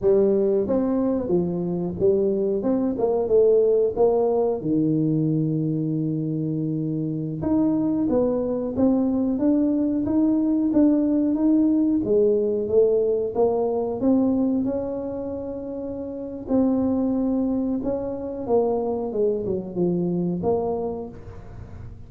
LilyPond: \new Staff \with { instrumentName = "tuba" } { \time 4/4 \tempo 4 = 91 g4 c'4 f4 g4 | c'8 ais8 a4 ais4 dis4~ | dis2.~ dis16 dis'8.~ | dis'16 b4 c'4 d'4 dis'8.~ |
dis'16 d'4 dis'4 gis4 a8.~ | a16 ais4 c'4 cis'4.~ cis'16~ | cis'4 c'2 cis'4 | ais4 gis8 fis8 f4 ais4 | }